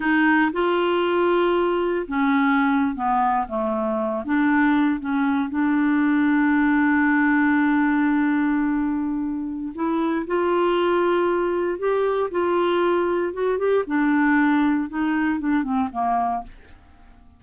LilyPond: \new Staff \with { instrumentName = "clarinet" } { \time 4/4 \tempo 4 = 117 dis'4 f'2. | cis'4.~ cis'16 b4 a4~ a16~ | a16 d'4. cis'4 d'4~ d'16~ | d'1~ |
d'2. e'4 | f'2. g'4 | f'2 fis'8 g'8 d'4~ | d'4 dis'4 d'8 c'8 ais4 | }